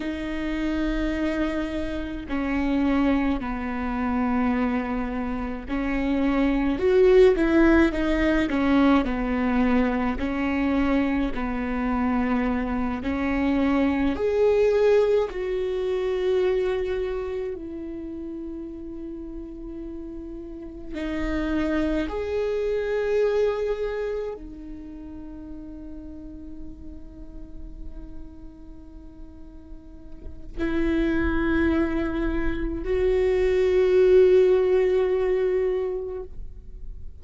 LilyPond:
\new Staff \with { instrumentName = "viola" } { \time 4/4 \tempo 4 = 53 dis'2 cis'4 b4~ | b4 cis'4 fis'8 e'8 dis'8 cis'8 | b4 cis'4 b4. cis'8~ | cis'8 gis'4 fis'2 e'8~ |
e'2~ e'8 dis'4 gis'8~ | gis'4. dis'2~ dis'8~ | dis'2. e'4~ | e'4 fis'2. | }